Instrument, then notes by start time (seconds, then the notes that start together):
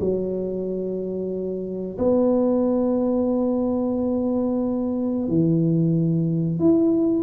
tuba
0.00 F#3
1.98 B3
5.28 E3
6.59 E4